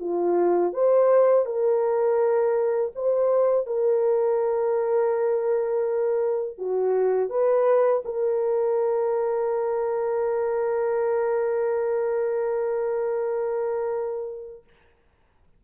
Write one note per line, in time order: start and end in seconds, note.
0.00 0.73 F4
0.73 1.45 C5
1.45 2.92 A#4
2.95 3.66 C5
3.66 6.58 A#4
6.58 7.29 F#4
7.29 8.03 B4
8.05 14.63 A#4